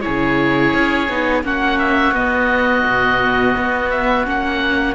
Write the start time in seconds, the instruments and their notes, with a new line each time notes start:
0.00 viola E4, oboe G#4 C#5
0.06 cello C#3
0.73 cello C#4
1.08 cello B3, viola D#4
1.43 cello A#3, viola C#4, oboe F#4 F#5
1.78 oboe E5
2.11 cello B3, viola B3, oboe D#5
2.85 cello B2
3.56 cello B3
3.89 oboe E5
4.24 cello A#3, viola C#4, oboe F#5